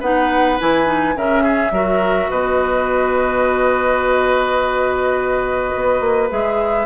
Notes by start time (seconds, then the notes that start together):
0.00 B3 D#4 B4 F#5
0.60 E3 E4 G#5
0.85 D#4
1.15 C#3 C#4 A#4 E5
1.43 G#4
1.70 F#3 F#4 A#4
2.30 B2 B4 D#5
5.75 B3
6.00 A#3
6.30 G#3 G#4 E5